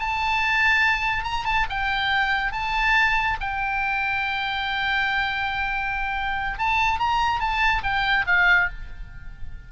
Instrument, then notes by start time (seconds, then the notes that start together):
oboe
0.00 A5
1.25 A#5
1.45 A5
1.70 G5
2.53 A5
3.41 G5
6.59 A5
7.00 A#5
7.40 A5
7.84 G5
8.27 F5